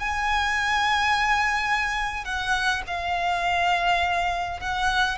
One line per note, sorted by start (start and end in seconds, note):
0.00 2.25 G#5
2.25 2.83 F#5
2.88 4.61 F5
4.61 5.18 F#5